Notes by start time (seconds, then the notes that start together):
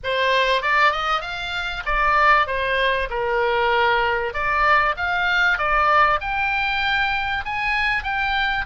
0.03 C5
0.62 D5
0.92 D#5
1.21 F5
1.85 D5
2.47 C5
3.10 A#4
4.33 D5
4.96 F5
5.58 D5
6.20 G5
7.45 G#5
8.03 G5